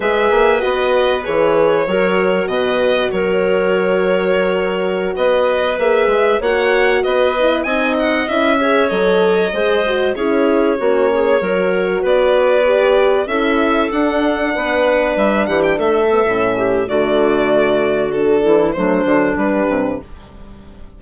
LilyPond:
<<
  \new Staff \with { instrumentName = "violin" } { \time 4/4 \tempo 4 = 96 e''4 dis''4 cis''2 | dis''4 cis''2.~ | cis''16 dis''4 e''4 fis''4 dis''8.~ | dis''16 gis''8 fis''8 e''4 dis''4.~ dis''16~ |
dis''16 cis''2. d''8.~ | d''4~ d''16 e''4 fis''4.~ fis''16~ | fis''16 e''8 fis''16 g''16 e''4.~ e''16 d''4~ | d''4 a'4 c''4 b'4 | }
  \new Staff \with { instrumentName = "clarinet" } { \time 4/4 b'2. ais'4 | b'4 ais'2.~ | ais'16 b'2 cis''4 b'8.~ | b'16 dis''4. cis''4. c''8.~ |
c''16 gis'4 fis'8 gis'8 ais'4 b'8.~ | b'4~ b'16 a'2 b'8.~ | b'8. g'8 a'4~ a'16 g'8 fis'4~ | fis'4. e'8 d'2 | }
  \new Staff \with { instrumentName = "horn" } { \time 4/4 gis'4 fis'4 gis'4 fis'4~ | fis'1~ | fis'4~ fis'16 gis'4 fis'4. e'16~ | e'16 dis'4 e'8 gis'8 a'4 gis'8 fis'16~ |
fis'16 e'4 cis'4 fis'4.~ fis'16~ | fis'16 g'4 e'4 d'4.~ d'16~ | d'4.~ d'16 b16 cis'4 a4~ | a4 d'4 a8 fis8 g4 | }
  \new Staff \with { instrumentName = "bassoon" } { \time 4/4 gis8 ais8 b4 e4 fis4 | b,4 fis2.~ | fis16 b4 ais8 gis8 ais4 b8.~ | b16 c'4 cis'4 fis4 gis8.~ |
gis16 cis'4 ais4 fis4 b8.~ | b4~ b16 cis'4 d'4 b8.~ | b16 g8 e8 a8. a,4 d4~ | d4. e8 fis8 d8 g8 c8 | }
>>